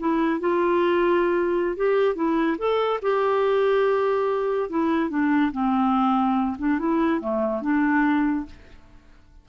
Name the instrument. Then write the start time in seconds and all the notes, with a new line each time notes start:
clarinet
0.00 E4
0.40 F4
1.77 G4
2.15 E4
2.58 A4
3.02 G4
4.70 E4
5.10 D4
5.52 C4
6.59 D4
6.79 E4
7.21 A3
7.62 D4